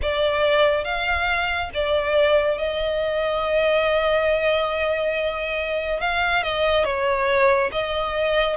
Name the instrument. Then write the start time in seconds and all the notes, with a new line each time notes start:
violin
0.02 D5
0.84 F5
1.74 D5
2.58 D#5
6.00 F5
6.42 D#5
6.84 C#5
7.71 D#5